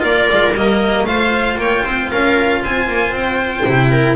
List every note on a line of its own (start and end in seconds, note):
0.00 0.29 A#3
0.00 0.52 F4
0.00 1.05 A#4
0.00 0.56 D5
0.32 0.55 G#3
0.55 1.04 G3
0.55 1.08 A#3
0.55 1.06 D#5
1.04 1.56 A3
1.04 3.66 F4
1.04 1.61 C5
1.04 1.58 F5
1.57 1.83 A#3
1.57 1.84 C#5
1.57 2.11 G5
1.84 2.11 C4
1.84 2.10 C5
2.11 2.64 C#4
2.11 2.63 A#4
2.11 2.63 F5
2.64 2.88 C4
2.64 3.91 C5
2.64 3.15 G#5
2.88 3.11 A#3
3.11 3.63 C4
3.11 4.16 G5
3.66 4.16 C3
3.66 4.16 E4
3.91 4.16 A#4